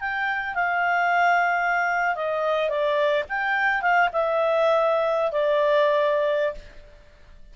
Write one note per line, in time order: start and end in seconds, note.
0.00 0.54 G5
0.54 2.15 F5
2.15 2.69 D#5
2.69 3.24 D5
3.29 3.81 G5
3.81 4.09 F5
4.12 5.32 E5
5.32 6.54 D5